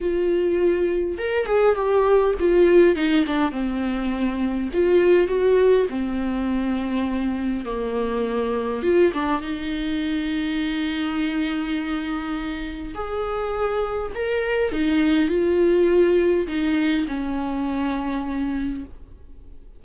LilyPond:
\new Staff \with { instrumentName = "viola" } { \time 4/4 \tempo 4 = 102 f'2 ais'8 gis'8 g'4 | f'4 dis'8 d'8 c'2 | f'4 fis'4 c'2~ | c'4 ais2 f'8 d'8 |
dis'1~ | dis'2 gis'2 | ais'4 dis'4 f'2 | dis'4 cis'2. | }